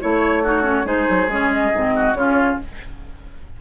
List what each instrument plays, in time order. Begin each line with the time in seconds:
0.00 bassoon A3, clarinet E4, oboe C#5, flute C#5
0.43 clarinet D#4, oboe F#4
0.62 clarinet C#4
0.84 bassoon G#3, clarinet D#4, oboe G#4, flute C5
1.09 bassoon F#3
1.27 bassoon G#3, clarinet C#4, flute C#5
1.53 flute D#5
1.74 bassoon G#2, clarinet C4
1.95 oboe F#4
2.14 bassoon C#3, clarinet C#4, oboe F4, flute C#5